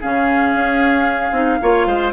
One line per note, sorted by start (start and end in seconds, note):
0.00 0.54 C#3
0.00 1.33 C#4
0.00 1.58 G#4
0.00 2.12 F5
0.54 1.31 C#4
1.31 1.58 C4
1.31 1.60 D#4
1.61 1.86 A#3
1.61 2.13 F4
1.61 1.87 C#5
1.86 2.12 G#3
1.86 2.13 C5